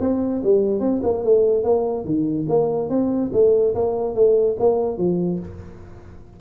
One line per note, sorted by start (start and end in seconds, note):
0.00 0.42 C4
0.43 0.80 G3
0.80 1.01 C4
1.03 1.23 A#3
1.23 1.63 A3
1.63 2.05 A#3
2.05 2.46 D#3
2.48 2.89 A#3
2.89 3.31 C4
3.33 3.74 A3
3.75 4.15 A#3
4.15 4.56 A3
4.59 4.97 A#3
4.97 5.39 F3